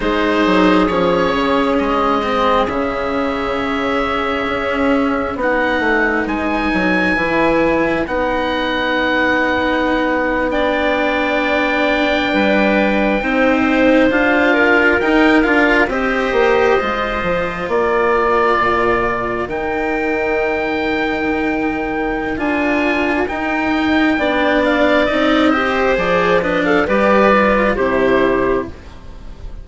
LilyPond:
<<
  \new Staff \with { instrumentName = "oboe" } { \time 4/4 \tempo 4 = 67 c''4 cis''4 dis''4 e''4~ | e''2 fis''4 gis''4~ | gis''4 fis''2~ fis''8. g''16~ | g''2.~ g''8. f''16~ |
f''8. g''8 f''8 dis''2 d''16~ | d''4.~ d''16 g''2~ g''16~ | g''4 gis''4 g''4. f''8 | dis''4 d''8 dis''16 f''16 d''4 c''4 | }
  \new Staff \with { instrumentName = "clarinet" } { \time 4/4 gis'1~ | gis'2 b'2~ | b'2.~ b'8. d''16~ | d''4.~ d''16 b'4 c''4~ c''16~ |
c''16 ais'4. c''2 ais'16~ | ais'1~ | ais'2. d''4~ | d''8 c''4 b'16 a'16 b'4 g'4 | }
  \new Staff \with { instrumentName = "cello" } { \time 4/4 dis'4 cis'4. c'8 cis'4~ | cis'2 dis'2 | e'4 dis'2~ dis'8. d'16~ | d'2~ d'8. dis'4 f'16~ |
f'8. dis'8 f'8 g'4 f'4~ f'16~ | f'4.~ f'16 dis'2~ dis'16~ | dis'4 f'4 dis'4 d'4 | dis'8 g'8 gis'8 d'8 g'8 f'8 e'4 | }
  \new Staff \with { instrumentName = "bassoon" } { \time 4/4 gis8 fis8 f8 cis8 gis4 cis4~ | cis4 cis'4 b8 a8 gis8 fis8 | e4 b2.~ | b4.~ b16 g4 c'4 d'16~ |
d'8. dis'8 d'8 c'8 ais8 gis8 f8 ais16~ | ais8. ais,4 dis2~ dis16~ | dis4 d'4 dis'4 b4 | c'4 f4 g4 c4 | }
>>